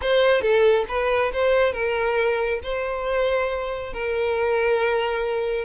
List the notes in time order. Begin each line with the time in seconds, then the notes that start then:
0.01 C5
0.41 A4
0.88 B4
1.32 C5
1.73 A#4
2.63 C5
3.93 A#4